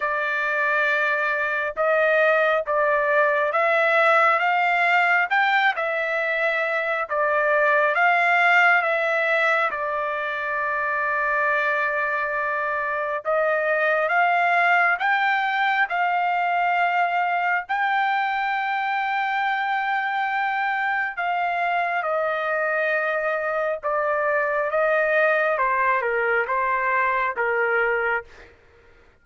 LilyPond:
\new Staff \with { instrumentName = "trumpet" } { \time 4/4 \tempo 4 = 68 d''2 dis''4 d''4 | e''4 f''4 g''8 e''4. | d''4 f''4 e''4 d''4~ | d''2. dis''4 |
f''4 g''4 f''2 | g''1 | f''4 dis''2 d''4 | dis''4 c''8 ais'8 c''4 ais'4 | }